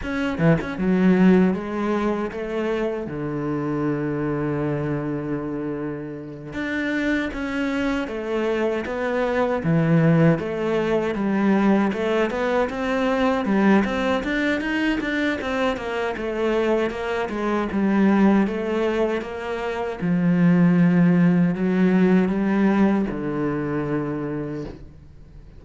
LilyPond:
\new Staff \with { instrumentName = "cello" } { \time 4/4 \tempo 4 = 78 cis'8 e16 cis'16 fis4 gis4 a4 | d1~ | d8 d'4 cis'4 a4 b8~ | b8 e4 a4 g4 a8 |
b8 c'4 g8 c'8 d'8 dis'8 d'8 | c'8 ais8 a4 ais8 gis8 g4 | a4 ais4 f2 | fis4 g4 d2 | }